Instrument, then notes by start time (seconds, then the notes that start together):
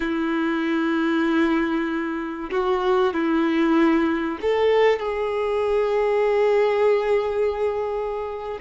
violin
0.00 E4
2.51 F#4
3.13 E4
4.41 A4
4.99 G#4